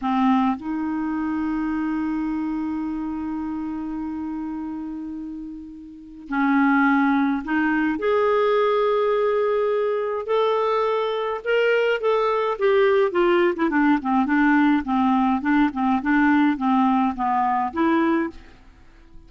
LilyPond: \new Staff \with { instrumentName = "clarinet" } { \time 4/4 \tempo 4 = 105 c'4 dis'2.~ | dis'1~ | dis'2. cis'4~ | cis'4 dis'4 gis'2~ |
gis'2 a'2 | ais'4 a'4 g'4 f'8. e'16 | d'8 c'8 d'4 c'4 d'8 c'8 | d'4 c'4 b4 e'4 | }